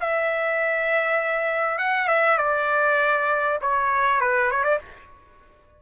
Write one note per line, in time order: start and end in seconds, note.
0.00 1.78 E5
1.78 2.08 F#5
2.08 2.38 E5
2.38 3.59 D5
3.61 4.21 C#5
4.21 4.51 B4
4.51 4.64 C#5
4.64 4.79 D5